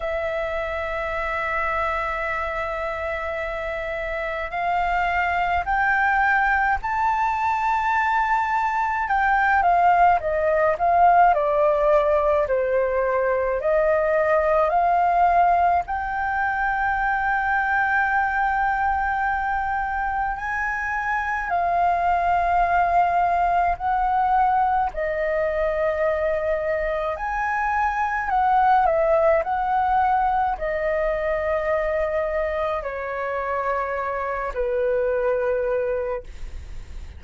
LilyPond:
\new Staff \with { instrumentName = "flute" } { \time 4/4 \tempo 4 = 53 e''1 | f''4 g''4 a''2 | g''8 f''8 dis''8 f''8 d''4 c''4 | dis''4 f''4 g''2~ |
g''2 gis''4 f''4~ | f''4 fis''4 dis''2 | gis''4 fis''8 e''8 fis''4 dis''4~ | dis''4 cis''4. b'4. | }